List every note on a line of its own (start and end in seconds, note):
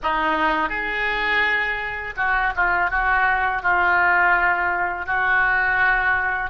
0.03 0.69 D#4
0.69 2.14 G#4
2.17 2.53 F#4
2.56 2.90 F4
2.90 3.62 F#4
3.62 5.06 F4
5.06 6.50 F#4